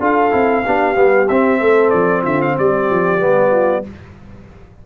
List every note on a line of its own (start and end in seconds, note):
0.00 0.32 D4
0.00 0.31 F4
0.00 0.65 A4
0.00 1.28 F5
0.31 0.65 C4
0.31 0.63 E4
0.66 0.96 B3
0.66 0.95 D4
0.66 1.60 G4
0.95 1.28 G3
0.95 1.27 B3
1.28 1.60 C4
1.28 3.20 C4
1.28 1.90 E5
1.60 1.92 A3
1.60 2.22 A4
1.90 2.25 F3
1.90 2.22 D5
2.22 2.57 D3
2.22 2.54 F4
2.22 2.41 E5
2.41 2.57 F5
2.57 2.90 G3
2.57 3.51 G4
2.57 3.86 D5
2.90 3.22 F3
3.20 3.85 G3
3.20 3.83 B3
3.51 3.83 F4